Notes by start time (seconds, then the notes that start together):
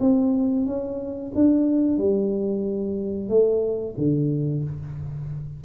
0.00 C4
0.66 C#4
1.35 D4
1.97 G3
3.28 A3
3.97 D3